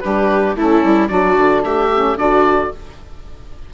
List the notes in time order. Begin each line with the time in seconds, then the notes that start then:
0.00 G3 D4 G4 B4
0.56 A3 C#4 E4 A4
0.84 G3
1.08 F#3 D4 F#4 D5
1.37 D3
1.64 A3 G4 E5
1.95 C#4
2.17 D3 D4 F#4 D5